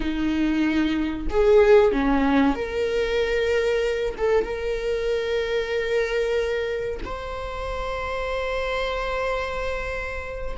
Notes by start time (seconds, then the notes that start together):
0.00 D#4
1.30 G#4
1.91 C#4
2.55 A#4
4.17 A4
4.44 A#4
7.04 C5